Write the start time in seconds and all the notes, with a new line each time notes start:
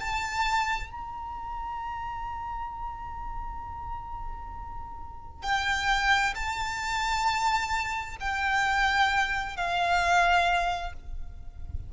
0.00 A5
0.91 A#5
5.43 G5
6.35 A5
8.21 G5
9.57 F5